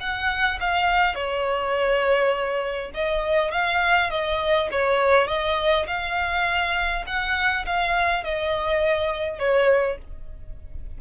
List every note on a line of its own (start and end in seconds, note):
0.00 0.59 F#5
0.60 1.15 F5
1.15 2.91 C#5
2.94 3.51 D#5
3.51 4.10 F5
4.10 4.69 D#5
4.71 5.27 C#5
5.27 5.86 D#5
5.87 7.04 F5
7.06 7.65 F#5
7.66 8.23 F5
8.23 9.39 D#5
9.39 9.98 C#5